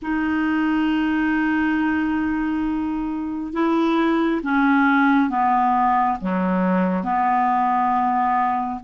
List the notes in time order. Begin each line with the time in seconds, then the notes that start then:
0.02 D#4
3.53 E4
4.42 C#4
5.29 B3
6.20 F#3
7.03 B3